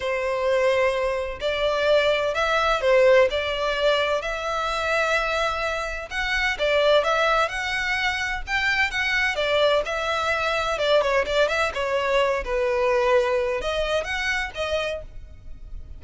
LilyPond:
\new Staff \with { instrumentName = "violin" } { \time 4/4 \tempo 4 = 128 c''2. d''4~ | d''4 e''4 c''4 d''4~ | d''4 e''2.~ | e''4 fis''4 d''4 e''4 |
fis''2 g''4 fis''4 | d''4 e''2 d''8 cis''8 | d''8 e''8 cis''4. b'4.~ | b'4 dis''4 fis''4 dis''4 | }